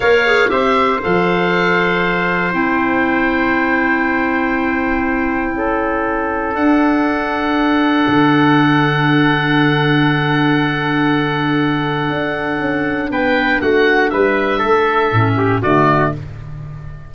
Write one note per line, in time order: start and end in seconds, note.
0.00 0.50 A#3
0.00 0.26 A#4
0.00 0.49 C#5
0.00 0.50 F5
0.26 0.48 G#4
0.48 1.01 C4
0.48 0.99 G4
0.48 5.56 C5
0.48 1.00 E5
1.01 2.53 F3
1.01 2.51 A4
1.01 2.53 F5
2.51 5.55 C4
2.51 6.54 E4
2.51 6.55 G5
5.55 6.54 C#4
5.55 13.11 A4
6.54 8.06 D4
6.54 15.15 D4
6.54 13.10 F#5
8.07 12.09 D3
12.09 12.59 D4
12.59 13.10 C#4
13.10 13.60 B3
13.10 13.61 B4
13.10 13.61 G5
13.61 14.11 A3
13.61 14.12 F#4
13.61 14.10 F#5
14.10 14.62 G3
14.10 14.58 B4
14.10 15.61 E5
14.58 15.12 A3
14.58 15.34 A4
15.12 15.62 A2
15.12 15.63 C#4
15.37 15.62 G4
15.62 16.14 D3
15.62 16.14 A3
15.62 16.12 F#4
15.62 16.13 D5